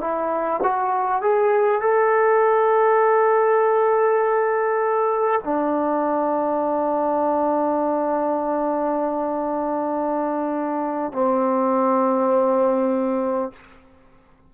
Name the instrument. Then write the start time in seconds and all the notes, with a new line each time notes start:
trombone
0.00 E4
0.63 F#4
1.22 G#4
1.81 A4
5.44 D4
11.12 C4